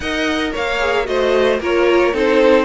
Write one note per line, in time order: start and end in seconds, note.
0.00 0.52 D#4
0.00 0.79 A#4
0.00 0.52 D#5
0.00 0.52 F#5
0.52 1.07 A#3
0.52 1.05 C#5
0.52 1.06 F5
0.79 1.05 G#4
1.05 1.59 A3
1.05 1.58 F#4
1.05 1.60 C5
1.05 1.59 D#5
1.59 2.13 A#3
1.59 2.13 F4
1.59 2.13 A#4
1.59 2.15 C#5
2.13 2.64 C4
2.13 2.64 D#4
2.13 2.64 A4
2.13 2.64 C5